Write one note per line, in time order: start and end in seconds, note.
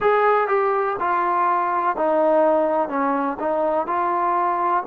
0.00 0.48 G#4
0.48 0.96 G4
0.99 1.96 F4
1.96 2.89 D#4
2.89 3.37 C#4
3.39 3.87 D#4
3.87 4.83 F4